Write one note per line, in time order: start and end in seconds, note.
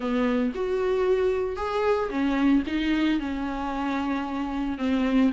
0.00 0.52 B3
0.55 1.56 F#4
1.56 2.09 G#4
2.09 2.63 C#4
2.66 3.19 D#4
3.19 4.78 C#4
4.78 5.31 C4